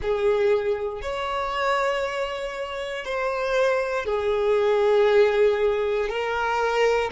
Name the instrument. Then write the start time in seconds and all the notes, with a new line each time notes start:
violin
0.02 G#4
1.01 C#5
3.04 C5
4.05 G#4
6.09 A#4